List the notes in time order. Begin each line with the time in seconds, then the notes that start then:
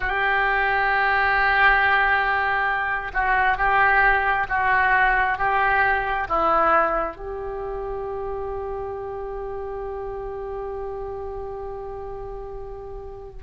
0.00 G4
3.13 F#4
3.57 G4
4.49 F#4
5.38 G4
6.28 E4
7.16 G4